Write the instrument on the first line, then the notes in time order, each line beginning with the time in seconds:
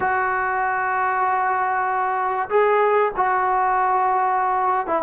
trombone
0.00 F#4
2.49 G#4
3.16 F#4
4.86 E4